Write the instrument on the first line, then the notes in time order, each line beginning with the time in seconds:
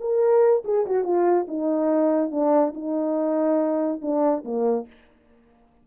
horn
0.00 A#4
0.65 G#4
0.86 F#4
1.04 F4
1.48 D#4
2.31 D4
2.74 D#4
4.01 D4
4.45 A#3